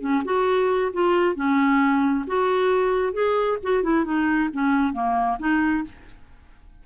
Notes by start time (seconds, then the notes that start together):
0.00 C#4
0.24 F#4
0.93 F4
1.35 C#4
2.27 F#4
3.13 G#4
3.63 F#4
3.83 E4
4.04 D#4
4.53 C#4
4.93 A#3
5.39 D#4